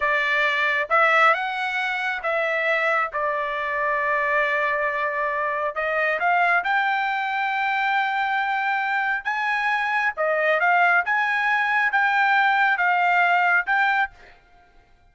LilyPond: \new Staff \with { instrumentName = "trumpet" } { \time 4/4 \tempo 4 = 136 d''2 e''4 fis''4~ | fis''4 e''2 d''4~ | d''1~ | d''4 dis''4 f''4 g''4~ |
g''1~ | g''4 gis''2 dis''4 | f''4 gis''2 g''4~ | g''4 f''2 g''4 | }